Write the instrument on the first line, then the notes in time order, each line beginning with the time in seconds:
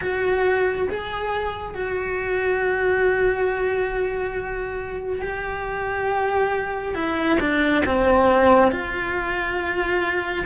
cello
0.01 F#4
0.89 G#4
1.74 F#4
5.21 G4
6.94 E4
7.40 D4
7.85 C4
8.71 F4